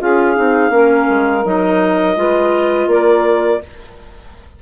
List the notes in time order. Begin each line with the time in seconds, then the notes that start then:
0.00 C#4 F4 G#4 F5
0.36 C4 D#4
0.70 A#3 C#4 A#4
1.10 G#3
1.45 F#3 D#4 D#5
2.16 G#3 F4 B4
2.87 A#3 A#4 D5